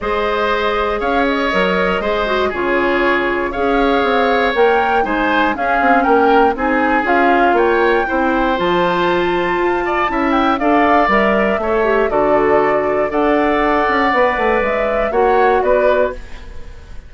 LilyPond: <<
  \new Staff \with { instrumentName = "flute" } { \time 4/4 \tempo 4 = 119 dis''2 f''8 dis''4.~ | dis''4 cis''2 f''4~ | f''4 g''4 gis''4 f''4 | g''4 gis''4 f''4 g''4~ |
g''4 a''2.~ | a''8 g''8 f''4 e''2 | d''2 fis''2~ | fis''4 e''4 fis''4 d''4 | }
  \new Staff \with { instrumentName = "oboe" } { \time 4/4 c''2 cis''2 | c''4 gis'2 cis''4~ | cis''2 c''4 gis'4 | ais'4 gis'2 cis''4 |
c''2.~ c''8 d''8 | e''4 d''2 cis''4 | a'2 d''2~ | d''2 cis''4 b'4 | }
  \new Staff \with { instrumentName = "clarinet" } { \time 4/4 gis'2. ais'4 | gis'8 fis'8 f'2 gis'4~ | gis'4 ais'4 dis'4 cis'4~ | cis'4 dis'4 f'2 |
e'4 f'2. | e'4 a'4 ais'4 a'8 g'8 | fis'2 a'2 | b'2 fis'2 | }
  \new Staff \with { instrumentName = "bassoon" } { \time 4/4 gis2 cis'4 fis4 | gis4 cis2 cis'4 | c'4 ais4 gis4 cis'8 c'8 | ais4 c'4 cis'4 ais4 |
c'4 f2 f'4 | cis'4 d'4 g4 a4 | d2 d'4. cis'8 | b8 a8 gis4 ais4 b4 | }
>>